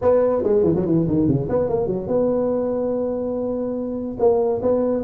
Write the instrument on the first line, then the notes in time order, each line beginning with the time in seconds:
tuba
0.01 B3
0.43 G#3
0.63 E3
0.75 F#3
0.85 E3
1.07 D#3
1.27 C#3
1.49 B3
1.69 A#3
1.87 F#3
2.07 B3
4.19 A#3
4.62 B3